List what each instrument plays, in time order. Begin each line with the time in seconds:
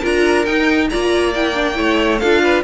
0.00 cello D4, viola F4, violin A#4 A#5
0.45 viola D#4, cello D#4, violin G5
0.90 cello A#3, viola F4, violin D5 A#5
1.34 viola E4, violin G5
1.54 viola D4
1.74 cello A3, viola E4, violin C#5
2.19 cello D4, viola F4, violin A4 F5
2.42 violin B4